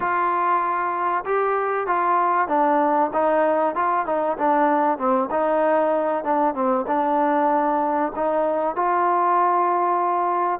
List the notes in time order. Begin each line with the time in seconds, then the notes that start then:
0.00 F4
1.24 G4
1.86 F4
2.48 D4
3.13 D#4
3.75 F4
4.06 D#4
4.38 D4
4.98 C4
5.30 D#4
6.24 D4
6.54 C4
6.87 D4
8.15 D#4
8.75 F4